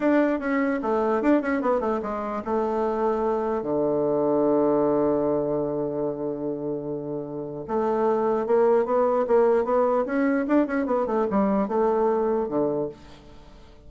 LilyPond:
\new Staff \with { instrumentName = "bassoon" } { \time 4/4 \tempo 4 = 149 d'4 cis'4 a4 d'8 cis'8 | b8 a8 gis4 a2~ | a4 d2.~ | d1~ |
d2. a4~ | a4 ais4 b4 ais4 | b4 cis'4 d'8 cis'8 b8 a8 | g4 a2 d4 | }